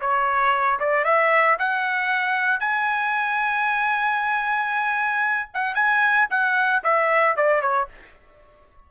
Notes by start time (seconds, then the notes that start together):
0.00 C#5
0.79 D5
1.04 E5
1.59 F#5
2.60 G#5
5.54 F#5
5.75 G#5
6.30 F#5
6.83 E5
7.36 D5
7.61 C#5